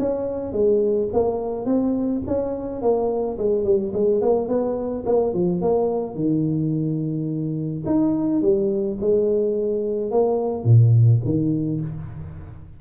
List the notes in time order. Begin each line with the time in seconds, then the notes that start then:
0.00 C#4
0.53 G#3
1.14 A#3
1.66 C4
2.27 C#4
2.82 A#3
3.39 G#3
3.64 G3
3.94 G#3
4.22 A#3
4.49 B3
5.06 A#3
5.34 F3
5.62 A#3
6.16 D#3
7.86 D#4
8.42 G3
9.01 G#3
10.11 A#3
10.65 A#2
11.25 D#3